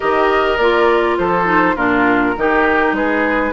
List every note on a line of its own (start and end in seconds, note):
0.00 0.58 D#3
0.00 0.58 G4
0.00 1.17 A#4
0.00 0.57 D#5
0.57 1.16 A#3
0.57 1.45 F4
0.57 1.16 D5
1.17 1.76 F3
1.17 1.75 A4
1.17 1.76 C5
1.45 1.74 D#4
1.75 2.35 A#2
1.75 2.36 D4
1.75 2.34 F4
1.75 2.93 A#4
2.36 2.92 D#3
2.36 3.52 D#4
2.36 2.96 G4
2.92 3.51 G#3
2.92 3.52 G#4
2.92 3.52 B4